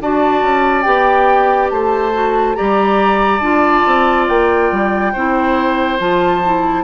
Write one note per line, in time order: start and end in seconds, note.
0.00 0.42 D4
0.00 0.83 F#4
0.00 1.73 D5
0.00 0.82 A5
0.42 0.85 C#4
0.82 1.71 B3
0.82 2.12 G4
0.82 1.68 G5
1.70 2.57 A3
1.70 2.57 C5
1.70 2.55 A5
2.13 2.55 F#4
2.55 3.40 G3
2.55 3.41 G4
2.55 5.13 D5
2.55 3.40 A#5
3.40 3.83 D4
3.40 5.14 F4
3.40 4.26 A5
3.86 4.29 C4
4.28 4.72 A#3
4.28 5.99 G5
4.72 5.14 G3
5.13 6.00 C4
5.13 5.98 E4
5.13 6.84 C5
5.98 6.84 F3
5.98 6.41 F4
5.98 6.84 A5
6.45 6.84 E4